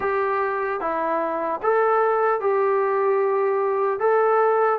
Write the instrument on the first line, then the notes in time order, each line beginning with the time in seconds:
trombone
0.00 G4
0.80 E4
1.62 A4
2.40 G4
3.99 A4